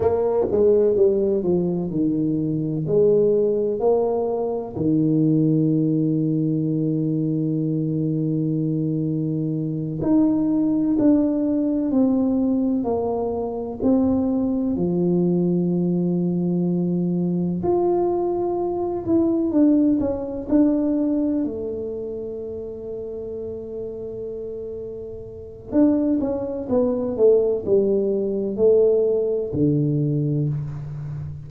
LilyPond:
\new Staff \with { instrumentName = "tuba" } { \time 4/4 \tempo 4 = 63 ais8 gis8 g8 f8 dis4 gis4 | ais4 dis2.~ | dis2~ dis8 dis'4 d'8~ | d'8 c'4 ais4 c'4 f8~ |
f2~ f8 f'4. | e'8 d'8 cis'8 d'4 a4.~ | a2. d'8 cis'8 | b8 a8 g4 a4 d4 | }